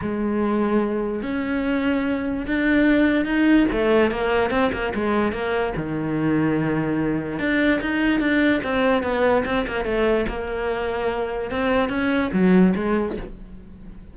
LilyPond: \new Staff \with { instrumentName = "cello" } { \time 4/4 \tempo 4 = 146 gis2. cis'4~ | cis'2 d'2 | dis'4 a4 ais4 c'8 ais8 | gis4 ais4 dis2~ |
dis2 d'4 dis'4 | d'4 c'4 b4 c'8 ais8 | a4 ais2. | c'4 cis'4 fis4 gis4 | }